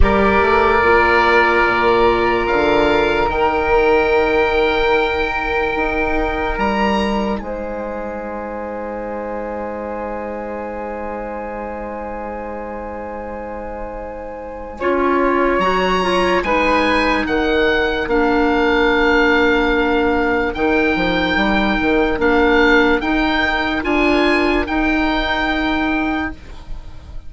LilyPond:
<<
  \new Staff \with { instrumentName = "oboe" } { \time 4/4 \tempo 4 = 73 d''2. f''4 | g''1 | ais''4 gis''2.~ | gis''1~ |
gis''2. ais''4 | gis''4 fis''4 f''2~ | f''4 g''2 f''4 | g''4 gis''4 g''2 | }
  \new Staff \with { instrumentName = "flute" } { \time 4/4 ais'1~ | ais'1~ | ais'4 c''2.~ | c''1~ |
c''2 cis''2 | b'4 ais'2.~ | ais'1~ | ais'1 | }
  \new Staff \with { instrumentName = "clarinet" } { \time 4/4 g'4 f'2. | dis'1~ | dis'1~ | dis'1~ |
dis'2 f'4 fis'8 f'8 | dis'2 d'2~ | d'4 dis'2 d'4 | dis'4 f'4 dis'2 | }
  \new Staff \with { instrumentName = "bassoon" } { \time 4/4 g8 a8 ais4 ais,4 d4 | dis2. dis'4 | g4 gis2.~ | gis1~ |
gis2 cis'4 fis4 | gis4 dis4 ais2~ | ais4 dis8 f8 g8 dis8 ais4 | dis'4 d'4 dis'2 | }
>>